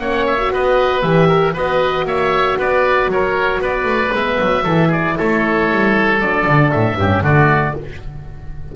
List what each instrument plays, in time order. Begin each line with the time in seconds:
0.00 double bass A#3, horn C#4, oboe C#5 F#5
0.27 oboe E5
0.38 horn F#4
0.53 double bass B3, oboe B4 D#5
1.02 double bass E3, horn G4, oboe E5
1.29 oboe A#4
1.54 double bass B3, horn F#4, oboe B4 D#5
2.05 double bass A#3, oboe C#5 E5
2.59 double bass B3, oboe B4 D5
3.08 double bass F#3, oboe A#4 C#5
3.62 double bass B3, oboe B4 D5
3.85 double bass A3
4.13 double bass G#3, horn B3, oboe E5
4.41 double bass F#3
4.65 double bass E3, horn E4, oboe A4
4.88 oboe G#4 D5
5.18 double bass A3, oboe A4 C#5
5.72 double bass G3
6.20 double bass F#3, horn D4, oboe D5
6.47 double bass D3
6.72 double bass A2, oboe E5
6.96 double bass G2, horn C#4, oboe G4
7.23 double bass D3, horn A3, oboe F#4 D5